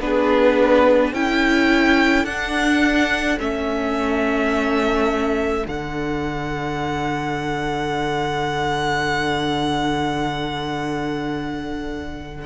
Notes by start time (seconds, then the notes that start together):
0.00 B3 D4 G#4 B4
1.13 C#4 E4 A4 G5
2.25 D4 F#5
3.39 A3 C#4 E5
5.64 D3 D4 F#5